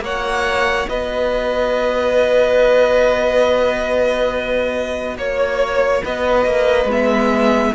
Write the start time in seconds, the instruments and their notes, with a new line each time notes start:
0.00 cello A#3, viola F#4, violin C#5 F#5
0.89 cello B3, violin B4 D#5
5.17 cello A#3, violin C#5
6.04 cello B3, violin B4 D#5
6.46 cello A#3
6.85 cello G#3, viola B3
6.92 violin E5